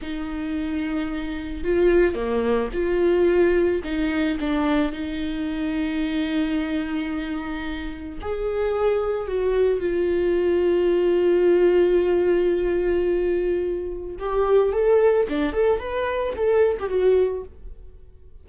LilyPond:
\new Staff \with { instrumentName = "viola" } { \time 4/4 \tempo 4 = 110 dis'2. f'4 | ais4 f'2 dis'4 | d'4 dis'2.~ | dis'2. gis'4~ |
gis'4 fis'4 f'2~ | f'1~ | f'2 g'4 a'4 | d'8 a'8 b'4 a'8. g'16 fis'4 | }